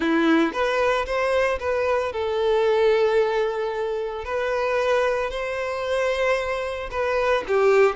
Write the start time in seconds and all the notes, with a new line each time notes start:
0.00 E4
0.52 B4
1.05 C5
1.59 B4
2.12 A4
4.24 B4
5.30 C5
6.91 B4
7.47 G4